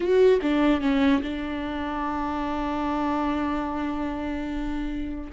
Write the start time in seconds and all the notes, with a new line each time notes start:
0.00 F#4
0.42 D4
0.80 C#4
1.22 D4